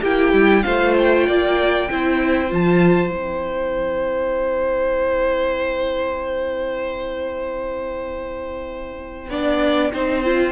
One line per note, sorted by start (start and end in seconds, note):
0.00 0.33 A#3
0.00 0.65 E4
0.00 0.62 G4
0.00 0.62 G5
0.33 0.64 G3
0.62 1.27 A3
0.62 1.88 F4
0.62 1.27 C5
0.62 0.93 F5
0.98 2.52 G5
1.27 1.89 A#3
1.27 1.88 D5
1.89 2.51 C4
1.89 2.49 E4
1.89 9.30 C5
2.49 3.12 F3
2.49 3.09 F4
2.49 3.14 A5
3.09 9.30 C4
3.09 9.28 E4
3.09 10.52 G5
9.30 9.91 B3
9.30 9.93 D4
9.30 9.92 D5
9.93 10.52 C4
9.93 10.24 D#4
9.93 10.52 C5
10.24 10.52 F4